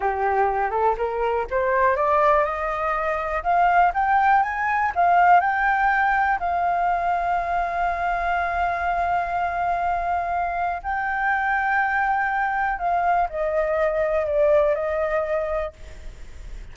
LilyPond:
\new Staff \with { instrumentName = "flute" } { \time 4/4 \tempo 4 = 122 g'4. a'8 ais'4 c''4 | d''4 dis''2 f''4 | g''4 gis''4 f''4 g''4~ | g''4 f''2.~ |
f''1~ | f''2 g''2~ | g''2 f''4 dis''4~ | dis''4 d''4 dis''2 | }